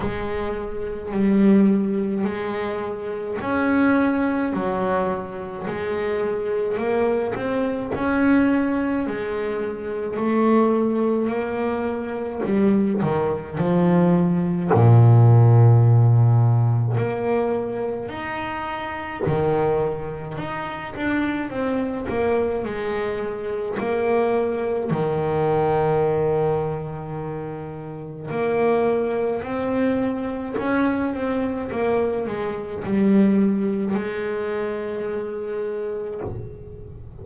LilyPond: \new Staff \with { instrumentName = "double bass" } { \time 4/4 \tempo 4 = 53 gis4 g4 gis4 cis'4 | fis4 gis4 ais8 c'8 cis'4 | gis4 a4 ais4 g8 dis8 | f4 ais,2 ais4 |
dis'4 dis4 dis'8 d'8 c'8 ais8 | gis4 ais4 dis2~ | dis4 ais4 c'4 cis'8 c'8 | ais8 gis8 g4 gis2 | }